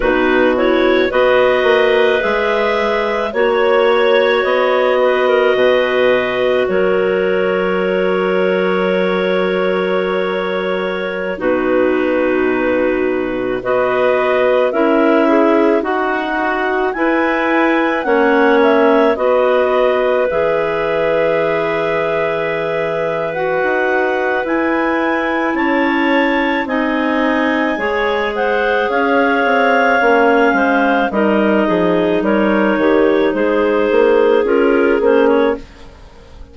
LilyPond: <<
  \new Staff \with { instrumentName = "clarinet" } { \time 4/4 \tempo 4 = 54 b'8 cis''8 dis''4 e''4 cis''4 | dis''2 cis''2~ | cis''2~ cis''16 b'4.~ b'16~ | b'16 dis''4 e''4 fis''4 gis''8.~ |
gis''16 fis''8 e''8 dis''4 e''4.~ e''16~ | e''4 fis''4 gis''4 a''4 | gis''4. fis''8 f''2 | dis''4 cis''4 c''4 ais'8 c''16 cis''16 | }
  \new Staff \with { instrumentName = "clarinet" } { \time 4/4 fis'4 b'2 cis''4~ | cis''8 b'16 ais'16 b'4 ais'2~ | ais'2~ ais'16 fis'4.~ fis'16~ | fis'16 b'4 ais'8 gis'8 fis'4 b'8.~ |
b'16 cis''4 b'2~ b'8.~ | b'2. cis''4 | dis''4 cis''8 c''8 cis''4. c''8 | ais'8 gis'8 ais'8 g'8 gis'2 | }
  \new Staff \with { instrumentName = "clarinet" } { \time 4/4 dis'8 e'8 fis'4 gis'4 fis'4~ | fis'1~ | fis'2~ fis'16 dis'4.~ dis'16~ | dis'16 fis'4 e'4 fis'4 e'8.~ |
e'16 cis'4 fis'4 gis'4.~ gis'16~ | gis'4 fis'4 e'2 | dis'4 gis'2 cis'4 | dis'2. f'8 cis'8 | }
  \new Staff \with { instrumentName = "bassoon" } { \time 4/4 b,4 b8 ais8 gis4 ais4 | b4 b,4 fis2~ | fis2~ fis16 b,4.~ b,16~ | b,16 b4 cis'4 dis'4 e'8.~ |
e'16 ais4 b4 e4.~ e16~ | e4~ e16 dis'8. e'4 cis'4 | c'4 gis4 cis'8 c'8 ais8 gis8 | g8 f8 g8 dis8 gis8 ais8 cis'8 ais8 | }
>>